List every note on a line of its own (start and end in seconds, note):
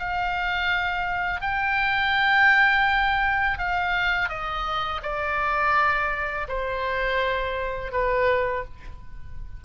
0.00 1.42 F5
1.42 3.58 G5
3.58 4.29 F5
4.29 5.02 D#5
5.03 6.48 D5
6.49 7.92 C5
7.92 8.65 B4